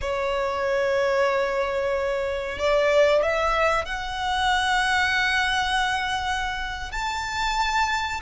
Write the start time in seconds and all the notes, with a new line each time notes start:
0.01 C#5
2.58 D5
3.22 E5
3.85 F#5
6.91 A5